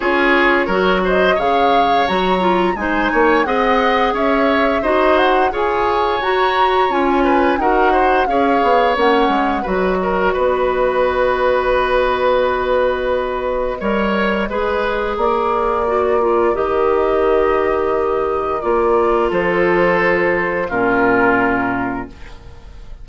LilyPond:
<<
  \new Staff \with { instrumentName = "flute" } { \time 4/4 \tempo 4 = 87 cis''4. dis''8 f''4 ais''4 | gis''4 fis''4 e''4 dis''8 fis''8 | gis''4 ais''4 gis''4 fis''4 | f''4 fis''4 dis''2~ |
dis''1~ | dis''2 d''2 | dis''2. d''4 | c''2 ais'2 | }
  \new Staff \with { instrumentName = "oboe" } { \time 4/4 gis'4 ais'8 c''8 cis''2 | c''8 cis''8 dis''4 cis''4 c''4 | cis''2~ cis''8 b'8 ais'8 c''8 | cis''2 b'8 ais'8 b'4~ |
b'1 | cis''4 b'4 ais'2~ | ais'1 | a'2 f'2 | }
  \new Staff \with { instrumentName = "clarinet" } { \time 4/4 f'4 fis'4 gis'4 fis'8 f'8 | dis'4 gis'2 fis'4 | gis'4 fis'4 f'4 fis'4 | gis'4 cis'4 fis'2~ |
fis'1 | ais'4 gis'2 fis'8 f'8 | g'2. f'4~ | f'2 cis'2 | }
  \new Staff \with { instrumentName = "bassoon" } { \time 4/4 cis'4 fis4 cis4 fis4 | gis8 ais8 c'4 cis'4 dis'4 | f'4 fis'4 cis'4 dis'4 | cis'8 b8 ais8 gis8 fis4 b4~ |
b1 | g4 gis4 ais2 | dis2. ais4 | f2 ais,2 | }
>>